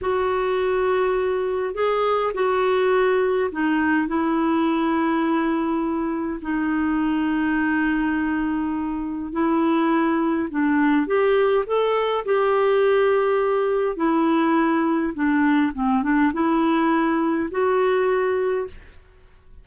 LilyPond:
\new Staff \with { instrumentName = "clarinet" } { \time 4/4 \tempo 4 = 103 fis'2. gis'4 | fis'2 dis'4 e'4~ | e'2. dis'4~ | dis'1 |
e'2 d'4 g'4 | a'4 g'2. | e'2 d'4 c'8 d'8 | e'2 fis'2 | }